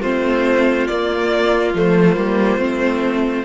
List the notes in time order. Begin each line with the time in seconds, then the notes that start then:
0.00 A3 C4 F4 C5
0.87 A#3 D5
1.74 F3 A3 C5
2.16 G3 A#3
2.57 A3 C4